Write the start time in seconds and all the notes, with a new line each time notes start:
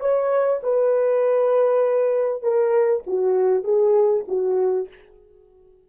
0.00 C#5
0.63 B4
2.42 A#4
3.07 F#4
3.64 G#4
4.28 F#4